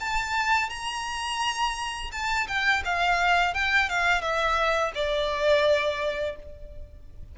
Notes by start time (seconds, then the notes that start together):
0.00 A5
0.70 A#5
2.12 A5
2.47 G5
2.85 F5
3.54 G5
3.89 F5
4.22 E5
4.95 D5